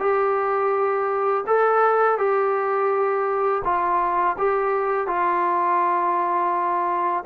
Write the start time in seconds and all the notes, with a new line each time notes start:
0.00 G4
1.47 A4
2.19 G4
3.65 F4
4.38 G4
5.08 F4